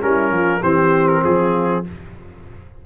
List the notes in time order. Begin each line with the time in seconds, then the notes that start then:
0.00 G3 C#4 E4 A#4
0.30 F3 F4
0.60 E3 C4 G4 C5
1.07 A#4
1.23 F3 F4 G#4